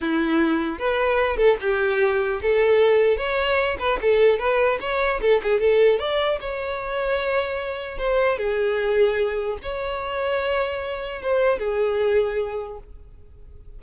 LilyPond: \new Staff \with { instrumentName = "violin" } { \time 4/4 \tempo 4 = 150 e'2 b'4. a'8 | g'2 a'2 | cis''4. b'8 a'4 b'4 | cis''4 a'8 gis'8 a'4 d''4 |
cis''1 | c''4 gis'2. | cis''1 | c''4 gis'2. | }